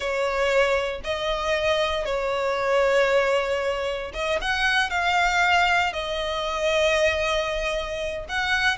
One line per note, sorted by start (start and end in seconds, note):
0.00 1.01 C#5
1.04 2.05 D#5
2.05 4.11 C#5
4.13 4.39 D#5
4.41 4.90 F#5
4.90 5.92 F5
5.92 8.25 D#5
8.29 8.77 F#5